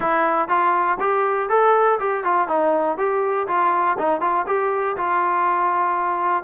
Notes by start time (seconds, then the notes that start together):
0.00 E4
0.48 F4
1.00 G4
1.49 A4
1.99 G4
2.24 F4
2.48 D#4
2.97 G4
3.47 F4
3.98 D#4
4.20 F4
4.47 G4
4.97 F4